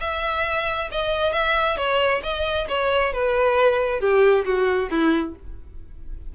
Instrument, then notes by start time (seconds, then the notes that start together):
violin
0.00 E5
0.91 D#5
1.32 E5
1.77 C#5
2.23 D#5
2.68 C#5
3.13 B4
4.00 G4
4.45 F#4
4.90 E4